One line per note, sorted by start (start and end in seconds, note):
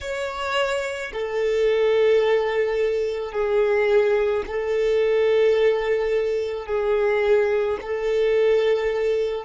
0.01 1.12 C#5
1.13 3.32 A4
3.32 4.43 G#4
4.46 6.66 A4
6.66 7.77 G#4
7.81 9.44 A4